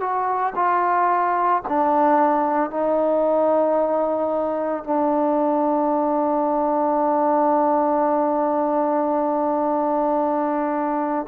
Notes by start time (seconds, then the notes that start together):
0.00 F#4
0.56 F4
1.68 D4
2.70 D#4
4.84 D4